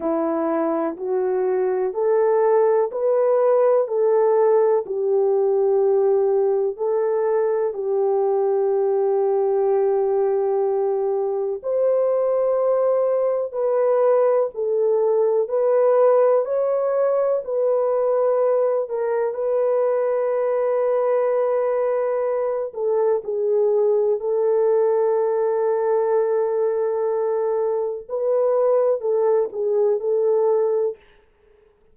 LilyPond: \new Staff \with { instrumentName = "horn" } { \time 4/4 \tempo 4 = 62 e'4 fis'4 a'4 b'4 | a'4 g'2 a'4 | g'1 | c''2 b'4 a'4 |
b'4 cis''4 b'4. ais'8 | b'2.~ b'8 a'8 | gis'4 a'2.~ | a'4 b'4 a'8 gis'8 a'4 | }